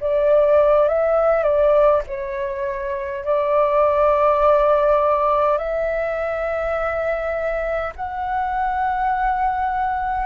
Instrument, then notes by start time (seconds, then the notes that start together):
flute
0.00 D5
0.88 E5
1.43 D5
2.07 C#5
3.25 D5
5.58 E5
7.96 F#5